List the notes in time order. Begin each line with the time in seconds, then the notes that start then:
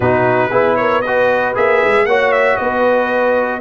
0.00 B2 D#4 F#4 B4
0.49 B3 E4 G#4
0.76 A#4 C#5
1.01 F#4 B4 D#5
1.54 A#3 G#4 E5
1.83 G#3
2.05 A#3 F#4 C#5 F#5
2.31 E5
2.56 B3 B4 D#5